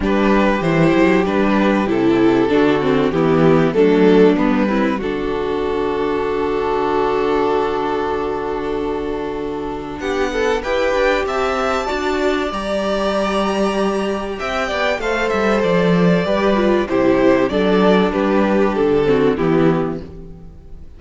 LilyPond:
<<
  \new Staff \with { instrumentName = "violin" } { \time 4/4 \tempo 4 = 96 b'4 c''4 b'4 a'4~ | a'4 g'4 a'4 b'4 | a'1~ | a'1 |
fis''4 g''4 a''2 | ais''2. g''4 | f''8 e''8 d''2 c''4 | d''4 b'4 a'4 g'4 | }
  \new Staff \with { instrumentName = "violin" } { \time 4/4 g'1 | fis'4 e'4 d'4. e'8 | fis'1~ | fis'1 |
g'8 a'8 b'4 e''4 d''4~ | d''2. e''8 d''8 | c''2 b'4 g'4 | a'4 g'4. fis'8 e'4 | }
  \new Staff \with { instrumentName = "viola" } { \time 4/4 d'4 e'4 d'4 e'4 | d'8 c'8 b4 a4 b8 c'8 | d'1~ | d'1~ |
d'4 g'2 fis'4 | g'1 | a'2 g'8 f'8 e'4 | d'2~ d'8 c'8 b4 | }
  \new Staff \with { instrumentName = "cello" } { \time 4/4 g4 e8 fis8 g4 c4 | d4 e4 fis4 g4 | d1~ | d1 |
b4 e'8 d'8 c'4 d'4 | g2. c'8 b8 | a8 g8 f4 g4 c4 | fis4 g4 d4 e4 | }
>>